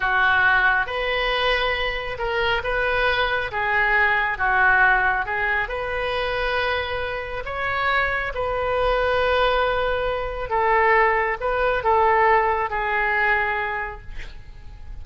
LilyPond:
\new Staff \with { instrumentName = "oboe" } { \time 4/4 \tempo 4 = 137 fis'2 b'2~ | b'4 ais'4 b'2 | gis'2 fis'2 | gis'4 b'2.~ |
b'4 cis''2 b'4~ | b'1 | a'2 b'4 a'4~ | a'4 gis'2. | }